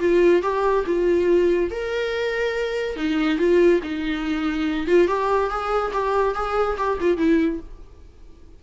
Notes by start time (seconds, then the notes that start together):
0.00 F4
0.42 G4
0.86 F4
1.71 A#4
2.96 D#4
3.38 F4
3.83 D#4
4.87 F4
5.08 G4
5.50 G#4
5.93 G4
6.35 G#4
6.78 G4
7.01 F4
7.18 E4